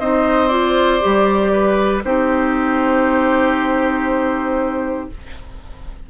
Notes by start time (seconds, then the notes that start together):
0.00 C4 D#4 C5 D#5
0.49 F4 D5
1.01 G3 G4
1.53 B4
2.04 C4 D#4 G4 C5